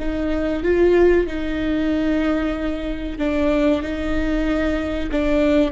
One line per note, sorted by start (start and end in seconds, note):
0.00 0.64 D#4
0.64 1.27 F4
1.27 3.19 D#4
3.19 3.82 D4
3.83 5.10 D#4
5.12 5.72 D4